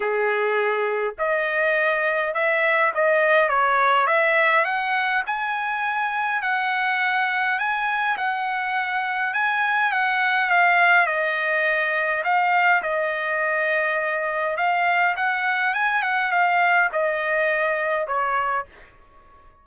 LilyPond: \new Staff \with { instrumentName = "trumpet" } { \time 4/4 \tempo 4 = 103 gis'2 dis''2 | e''4 dis''4 cis''4 e''4 | fis''4 gis''2 fis''4~ | fis''4 gis''4 fis''2 |
gis''4 fis''4 f''4 dis''4~ | dis''4 f''4 dis''2~ | dis''4 f''4 fis''4 gis''8 fis''8 | f''4 dis''2 cis''4 | }